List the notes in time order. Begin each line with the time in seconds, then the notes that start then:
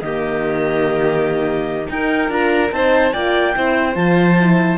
0.00 D#3 A#3 G4 D#5
1.89 D#4 A#4 G5
2.29 D4 F4 A#5
2.71 C4 D#4 C5 A5
3.12 A#3 F4 D5 G5
3.54 C4 E4 C5
3.93 F3 F4 A5
4.39 E4